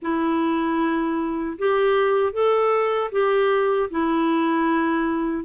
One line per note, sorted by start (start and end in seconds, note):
0.01 1.57 E4
1.58 2.32 G4
2.32 3.10 A4
3.11 3.89 G4
3.90 5.44 E4